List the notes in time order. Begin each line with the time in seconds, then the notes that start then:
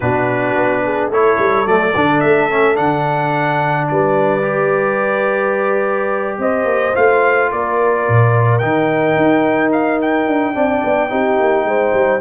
0.00 B2 D4 F#4 B4
0.55 B3
0.83 G#4
1.09 A3 E4 A4 C#5
1.38 G3
1.66 F#3 A3 D5
1.95 D3 D4
2.20 A3 E5
2.50 C#4
2.75 D3 D4 F#5
3.88 G3 B4 D5
4.42 G4
6.38 C4 C5 D#5
6.65 A#3
6.94 A3 F4 F5
7.51 A#3 A#4 D5
8.08 A#2
8.58 D#3 D#4 G5
9.16 D#4
9.72 F5
10.01 G5
10.27 D4
10.54 C4 D4 D5
10.83 B3
11.09 C4 D#4 G4
11.39 A#3
11.65 G#3 C5
11.93 G3